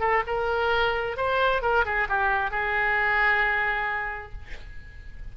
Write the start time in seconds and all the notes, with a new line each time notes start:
0.00 A4
0.27 A#4
1.17 C5
1.62 A#4
1.85 G#4
2.09 G4
2.51 G#4